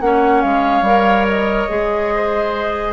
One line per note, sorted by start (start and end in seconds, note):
0.00 0.42 A#3
0.00 0.85 C#4
0.00 2.14 C#5
0.00 0.41 F#5
0.41 0.81 G#3
0.41 1.25 F5
0.81 1.65 G3
0.81 1.68 A#4
1.28 2.93 D#5
1.68 2.93 G#3
1.68 2.93 G#4
2.14 2.93 C5